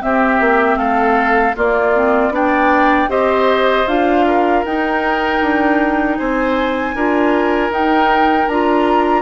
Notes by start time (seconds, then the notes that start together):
0.00 C4 G4 E5
0.40 A#3
0.76 A3 A4 F5
1.55 A#3 F4 D5
1.94 C4
2.30 B3 D4 D5 G5
3.08 C4 G4 C5 D#5
3.87 D4 F4 F5
4.26 A#4
4.64 D#4 G5
5.41 D4
6.17 C4 C5 G#5
6.94 D4 F4 A#4
7.69 D#4 G5
8.47 D4 F4 A#5